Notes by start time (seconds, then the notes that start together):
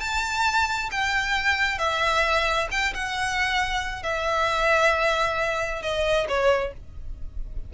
0.00 A5
0.91 G5
1.78 E5
2.71 G5
2.94 F#5
4.03 E5
5.82 D#5
6.28 C#5